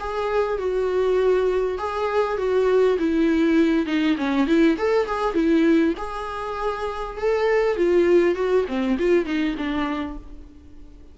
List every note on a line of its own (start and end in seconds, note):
0.00 0.58 G#4
0.58 1.78 F#4
1.78 2.38 G#4
2.38 2.98 F#4
2.99 3.86 E4
3.86 4.16 D#4
4.18 4.47 C#4
4.47 4.77 E4
4.78 5.07 A4
5.07 5.34 G#4
5.34 5.94 E4
5.98 7.18 G#4
7.18 7.77 A4
7.77 8.35 F4
8.35 8.65 F#4
8.68 8.98 C4
8.99 9.26 F4
9.26 9.56 D#4
9.58 10.18 D4